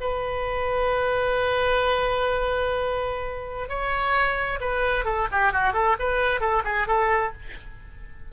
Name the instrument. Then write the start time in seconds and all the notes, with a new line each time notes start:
oboe
0.00 B4
3.68 C#5
4.60 B4
5.05 A4
5.31 G4
5.52 F#4
5.73 A4
5.99 B4
6.40 A4
6.64 G#4
6.87 A4